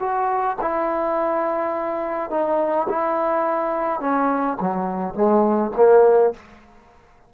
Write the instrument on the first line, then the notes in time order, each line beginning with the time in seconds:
trombone
0.00 F#4
0.61 E4
2.31 D#4
2.90 E4
4.01 C#4
4.61 F#3
5.15 G#3
5.77 A#3